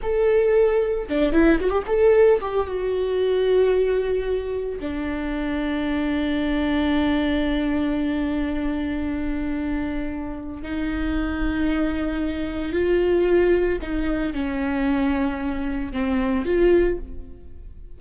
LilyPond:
\new Staff \with { instrumentName = "viola" } { \time 4/4 \tempo 4 = 113 a'2 d'8 e'8 fis'16 g'16 a'8~ | a'8 g'8 fis'2.~ | fis'4 d'2.~ | d'1~ |
d'1 | dis'1 | f'2 dis'4 cis'4~ | cis'2 c'4 f'4 | }